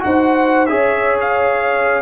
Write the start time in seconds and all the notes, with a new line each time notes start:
0.00 D#4 F#4 C5 F#5
0.67 C#4 G#4 C#5 E5
1.21 F5